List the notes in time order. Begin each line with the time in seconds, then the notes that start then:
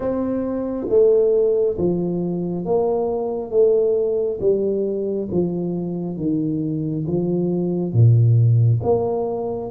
0.00 C4
0.89 A3
1.78 F3
2.65 A#3
3.51 A3
4.40 G3
5.31 F3
6.16 D#3
7.06 F3
7.92 A#2
8.82 A#3